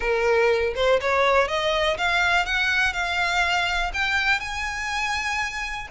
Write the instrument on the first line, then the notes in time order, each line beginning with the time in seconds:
violin
0.00 A#4
0.75 C5
1.00 C#5
1.48 D#5
1.97 F5
2.45 F#5
2.93 F5
3.93 G5
4.40 G#5